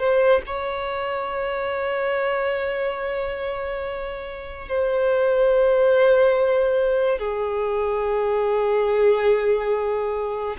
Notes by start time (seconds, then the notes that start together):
0.00 C5
0.47 C#5
4.69 C5
7.19 G#4